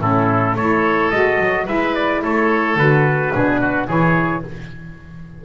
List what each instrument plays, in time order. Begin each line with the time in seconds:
0.00 double bass A2, saxophone C#4, oboe E4, trumpet A4
0.54 double bass A3, saxophone E4, oboe A4, trumpet C#5
1.11 double bass G#3, saxophone F#4, trumpet D#5
1.40 double bass F#3
1.66 double bass G#3, saxophone E4, oboe B4, trumpet E5
1.95 trumpet D5
2.22 double bass A3, oboe A4, trumpet C#5
2.76 double bass D3, saxophone F#4, trumpet B4
3.34 double bass B2, saxophone D4, oboe G#4
3.61 oboe F#4
3.87 double bass E3, saxophone E4, oboe G#4, trumpet C#5